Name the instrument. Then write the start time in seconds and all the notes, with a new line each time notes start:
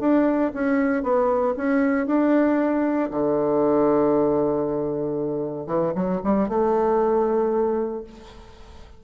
bassoon
0.00 D4
0.54 C#4
1.03 B3
1.57 C#4
2.07 D4
3.11 D3
5.67 E3
5.95 F#3
6.24 G3
6.49 A3